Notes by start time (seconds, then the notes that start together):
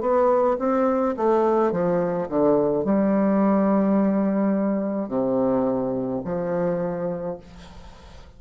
0.00 B3
0.59 C4
1.17 A3
1.71 F3
2.28 D3
2.84 G3
5.08 C3
6.24 F3